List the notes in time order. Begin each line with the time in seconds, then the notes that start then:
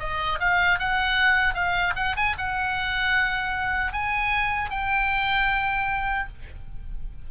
0.00 D#5
0.40 F5
0.79 F#5
1.55 F5
1.96 F#5
2.16 G#5
2.38 F#5
3.93 G#5
4.71 G5